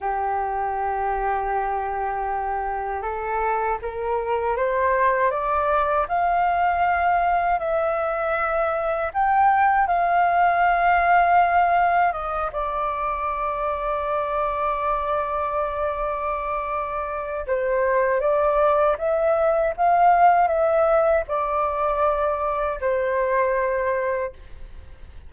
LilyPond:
\new Staff \with { instrumentName = "flute" } { \time 4/4 \tempo 4 = 79 g'1 | a'4 ais'4 c''4 d''4 | f''2 e''2 | g''4 f''2. |
dis''8 d''2.~ d''8~ | d''2. c''4 | d''4 e''4 f''4 e''4 | d''2 c''2 | }